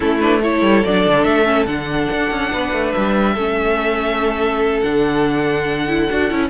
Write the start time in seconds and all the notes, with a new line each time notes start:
0.00 A3 C#4 E4 A4
0.19 D4 B4
0.42 E4 A4 C#5
0.61 G3
0.83 F#3 D4 D5
1.06 D3
1.24 A3 E5
1.44 C#4
1.66 D3 D4 F#5
2.12 D4
2.30 C#4
2.52 B3 B4
2.72 A3
2.91 G3 E5
3.33 A3 C#4 A4
4.81 D3 D4 F#5
5.88 E4
6.09 D4 F#4
6.29 C#4 E4